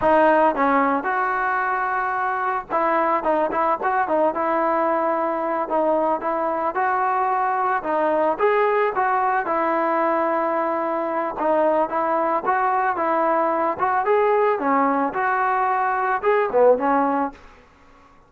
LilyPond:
\new Staff \with { instrumentName = "trombone" } { \time 4/4 \tempo 4 = 111 dis'4 cis'4 fis'2~ | fis'4 e'4 dis'8 e'8 fis'8 dis'8 | e'2~ e'8 dis'4 e'8~ | e'8 fis'2 dis'4 gis'8~ |
gis'8 fis'4 e'2~ e'8~ | e'4 dis'4 e'4 fis'4 | e'4. fis'8 gis'4 cis'4 | fis'2 gis'8 b8 cis'4 | }